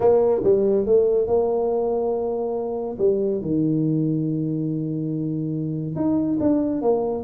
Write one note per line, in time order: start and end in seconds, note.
0.00 0.41 A#3
0.43 0.85 G3
0.85 1.27 A3
1.27 2.97 A#3
2.98 3.41 G3
3.41 5.95 D#3
5.95 6.38 D#4
6.39 6.81 D4
6.81 7.24 A#3